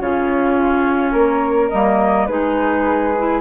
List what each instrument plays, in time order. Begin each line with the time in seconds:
0.00 bassoon C#3, clarinet C#4, flute F4 C#5
1.12 bassoon A#3, flute A#4
1.69 bassoon G3, clarinet A#3, flute D#5
2.26 bassoon G#3, clarinet D#4, flute G#4 B4
3.17 clarinet E4